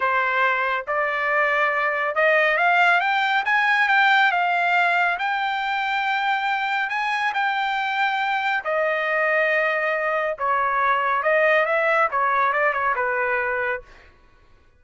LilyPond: \new Staff \with { instrumentName = "trumpet" } { \time 4/4 \tempo 4 = 139 c''2 d''2~ | d''4 dis''4 f''4 g''4 | gis''4 g''4 f''2 | g''1 |
gis''4 g''2. | dis''1 | cis''2 dis''4 e''4 | cis''4 d''8 cis''8 b'2 | }